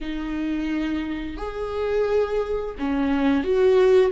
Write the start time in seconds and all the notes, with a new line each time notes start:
0.01 D#4
1.37 G#4
2.78 C#4
3.44 F#4